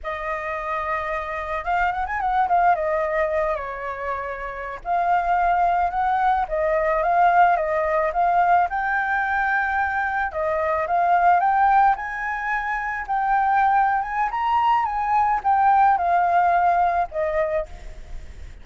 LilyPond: \new Staff \with { instrumentName = "flute" } { \time 4/4 \tempo 4 = 109 dis''2. f''8 fis''16 gis''16 | fis''8 f''8 dis''4. cis''4.~ | cis''8. f''2 fis''4 dis''16~ | dis''8. f''4 dis''4 f''4 g''16~ |
g''2~ g''8. dis''4 f''16~ | f''8. g''4 gis''2 g''16~ | g''4. gis''8 ais''4 gis''4 | g''4 f''2 dis''4 | }